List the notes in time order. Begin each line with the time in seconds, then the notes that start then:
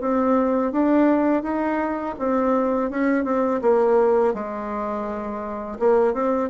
0.00 C4
0.72 D4
1.42 D#4
2.19 C4
2.90 C#4
3.24 C4
3.61 A#3
4.33 G#3
5.79 A#3
6.13 C4